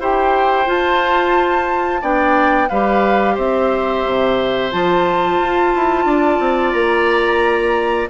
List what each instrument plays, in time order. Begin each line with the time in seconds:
0.00 bassoon E4, clarinet G4, oboe C5, flute G5
0.66 clarinet F4, bassoon F4, flute A5
2.01 bassoon B3, clarinet D4, oboe D5, flute G5
2.69 bassoon G3, clarinet G4, oboe B4, flute F5
3.35 bassoon C4, oboe C5, flute E5
4.06 bassoon C3
4.72 bassoon F3, clarinet F4, flute A5
5.40 bassoon F4
5.75 bassoon E4
6.05 bassoon D4, oboe D5
6.40 bassoon C4
6.73 bassoon A#3, flute A#5